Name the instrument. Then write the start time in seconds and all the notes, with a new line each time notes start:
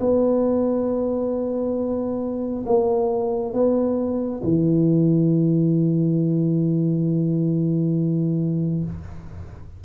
tuba
0.00 B3
2.66 A#3
3.53 B3
4.43 E3